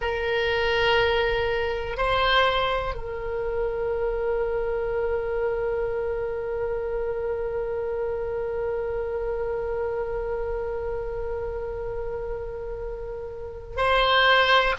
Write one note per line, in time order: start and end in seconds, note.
0.00 1.97 A#4
1.97 2.94 C5
2.94 13.76 A#4
13.76 14.75 C5